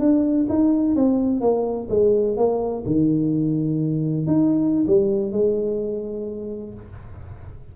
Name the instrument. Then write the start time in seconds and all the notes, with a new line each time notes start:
tuba
0.00 D4
0.49 D#4
0.96 C4
1.41 A#3
1.90 G#3
2.37 A#3
2.86 D#3
4.27 D#4
4.88 G3
5.33 G#3